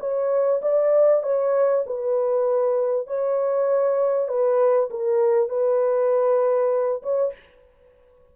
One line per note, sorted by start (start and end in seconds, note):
0.00 0.61 C#5
0.62 1.23 D5
1.24 1.85 C#5
1.87 3.08 B4
3.08 4.29 C#5
4.29 4.90 B4
4.91 5.50 A#4
5.50 7.03 B4
7.03 7.33 C#5